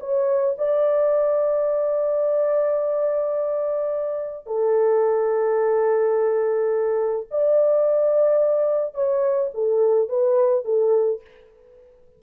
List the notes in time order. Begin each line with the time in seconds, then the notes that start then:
0.00 C#5
0.58 D5
4.46 A4
7.31 D5
8.94 C#5
9.54 A4
10.09 B4
10.65 A4